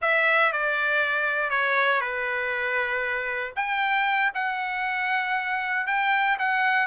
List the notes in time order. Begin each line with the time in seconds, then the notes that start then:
0.01 E5
0.52 D5
1.50 C#5
2.00 B4
3.55 G5
4.34 F#5
5.87 G5
6.38 F#5